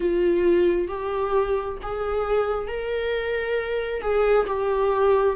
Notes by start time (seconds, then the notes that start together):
0.00 F4
0.88 G4
1.82 G#4
2.67 A#4
4.01 G#4
4.47 G4